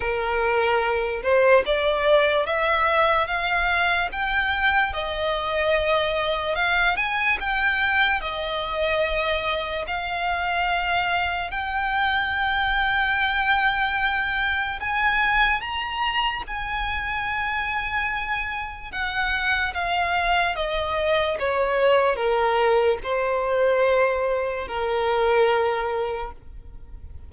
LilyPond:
\new Staff \with { instrumentName = "violin" } { \time 4/4 \tempo 4 = 73 ais'4. c''8 d''4 e''4 | f''4 g''4 dis''2 | f''8 gis''8 g''4 dis''2 | f''2 g''2~ |
g''2 gis''4 ais''4 | gis''2. fis''4 | f''4 dis''4 cis''4 ais'4 | c''2 ais'2 | }